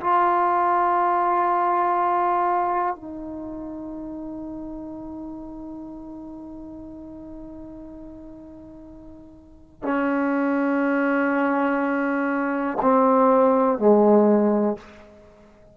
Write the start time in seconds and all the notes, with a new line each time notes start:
0.00 F4
2.95 D#4
9.83 C#4
12.82 C4
13.79 G#3